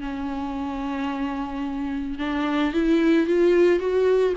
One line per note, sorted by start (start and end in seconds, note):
0.00 2.18 C#4
2.18 2.73 D4
2.73 3.26 E4
3.26 3.79 F4
3.79 4.33 F#4